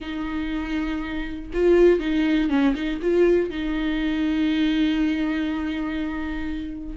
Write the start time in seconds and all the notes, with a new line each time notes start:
0.00 D#4
1.53 F4
1.99 D#4
2.49 C#4
2.74 D#4
3.01 F4
3.50 D#4